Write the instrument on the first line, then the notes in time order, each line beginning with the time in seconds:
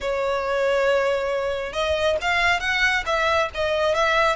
violin
0.00 C#5
1.72 D#5
2.21 F5
2.60 F#5
3.06 E5
3.54 D#5
3.94 E5